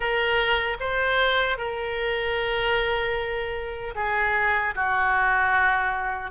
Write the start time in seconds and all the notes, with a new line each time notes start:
0.00 A#4
0.80 C5
1.57 A#4
3.95 G#4
4.75 F#4